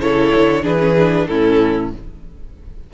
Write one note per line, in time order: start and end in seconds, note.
0.00 0.32 C#3
0.00 0.62 E4
0.00 0.63 A4
0.00 0.65 C#5
0.35 0.64 D3
0.62 1.28 E3
0.62 0.78 D4
0.62 1.27 G#4
0.62 1.27 B4
0.79 0.95 C#4
0.98 1.30 D4
1.27 1.93 A2
1.27 1.93 C#4
1.27 1.93 E4
1.27 1.90 A4